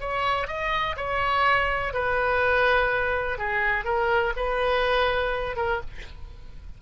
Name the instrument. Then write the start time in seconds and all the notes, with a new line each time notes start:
oboe
0.00 C#5
0.47 D#5
0.96 C#5
1.93 B4
3.38 G#4
3.84 A#4
4.36 B4
5.56 A#4